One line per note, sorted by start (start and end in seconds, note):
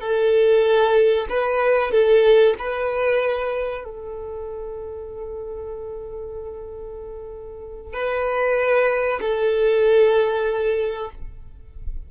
0.00 1.26 A4
1.29 1.91 B4
1.91 2.54 A4
2.58 3.84 B4
3.84 7.93 A4
7.93 9.20 B4
9.21 11.10 A4